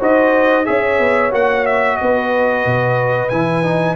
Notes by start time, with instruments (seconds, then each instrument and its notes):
0.00 tuba D#4, trombone F#4, horn C5, trumpet D#5
0.65 tuba C#4, trombone G#4, horn C#5, trumpet E5
0.99 tuba B3
1.31 tuba A#3, trombone F#4, trumpet F#5
1.66 trumpet E5
1.98 tuba B3, horn B4, trumpet D#5
2.66 tuba B2
3.29 tuba E3, trombone E4, trumpet G#5
3.64 trombone D#4